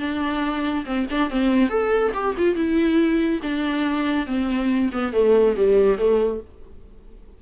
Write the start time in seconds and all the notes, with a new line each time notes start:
0.00 D4
0.86 C4
1.11 D4
1.31 C4
1.70 A4
2.14 G4
2.38 F4
2.56 E4
3.43 D4
4.27 C4
4.93 B3
5.13 A3
5.57 G3
5.98 A3